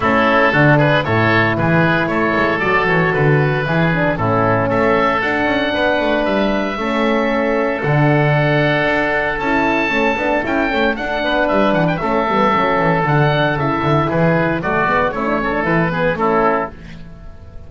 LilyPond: <<
  \new Staff \with { instrumentName = "oboe" } { \time 4/4 \tempo 4 = 115 a'4. b'8 cis''4 b'4 | cis''4 d''8 cis''8 b'2 | a'4 e''4 fis''2 | e''2. fis''4~ |
fis''2 a''2 | g''4 fis''4 e''8 fis''16 g''16 e''4~ | e''4 fis''4 e''4 b'4 | d''4 cis''4 b'4 a'4 | }
  \new Staff \with { instrumentName = "oboe" } { \time 4/4 e'4 fis'8 gis'8 a'4 gis'4 | a'2. gis'4 | e'4 a'2 b'4~ | b'4 a'2.~ |
a'1~ | a'4. b'4. a'4~ | a'2. gis'4 | fis'4 e'8 a'4 gis'8 e'4 | }
  \new Staff \with { instrumentName = "horn" } { \time 4/4 cis'4 d'4 e'2~ | e'4 fis'2 e'8 d'8 | cis'2 d'2~ | d'4 cis'2 d'4~ |
d'2 e'4 cis'8 d'8 | e'8 cis'8 d'2 cis'8 b8 | cis'4 d'4 e'2 | a8 b8 cis'16 d'16 cis'16 d'16 e'8 b8 cis'4 | }
  \new Staff \with { instrumentName = "double bass" } { \time 4/4 a4 d4 a,4 e4 | a8 gis8 fis8 e8 d4 e4 | a,4 a4 d'8 cis'8 b8 a8 | g4 a2 d4~ |
d4 d'4 cis'4 a8 b8 | cis'8 a8 d'8 b8 g8 e8 a8 g8 | fis8 e8 d4 cis8 d8 e4 | fis8 gis8 a4 e4 a4 | }
>>